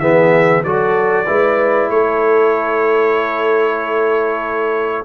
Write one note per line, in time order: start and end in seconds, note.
0.00 0.63 E3
0.00 0.65 B3
0.00 0.63 G#4
0.00 0.63 E5
0.64 1.27 F#3
0.64 1.26 F#4
0.64 1.26 A4
0.64 1.90 D5
1.26 1.89 G#3
1.26 5.05 E4
1.26 1.90 B4
1.89 5.05 A3
1.89 5.05 A4
1.89 5.05 C#5